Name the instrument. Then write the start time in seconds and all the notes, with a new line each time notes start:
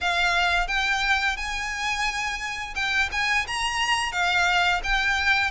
violin
0.01 F5
0.67 G5
1.36 G#5
2.75 G5
3.12 G#5
3.47 A#5
4.12 F5
4.83 G5